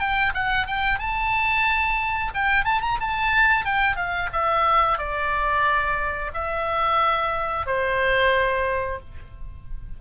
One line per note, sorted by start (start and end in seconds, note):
0.00 0.33 G5
0.35 0.67 F#5
0.67 0.99 G5
0.99 2.33 A5
2.35 2.65 G5
2.65 2.82 A5
2.82 2.98 A#5
3.01 3.65 A5
3.65 3.97 G5
3.97 4.30 F5
4.33 4.98 E5
4.98 6.32 D5
6.34 7.66 E5
7.66 9.00 C5